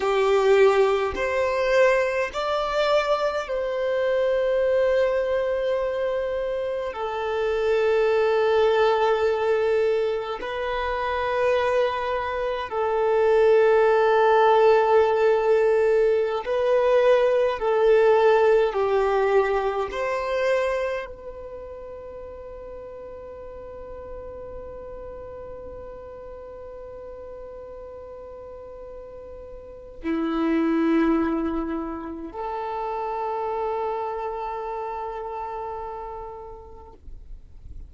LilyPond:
\new Staff \with { instrumentName = "violin" } { \time 4/4 \tempo 4 = 52 g'4 c''4 d''4 c''4~ | c''2 a'2~ | a'4 b'2 a'4~ | a'2~ a'16 b'4 a'8.~ |
a'16 g'4 c''4 b'4.~ b'16~ | b'1~ | b'2 e'2 | a'1 | }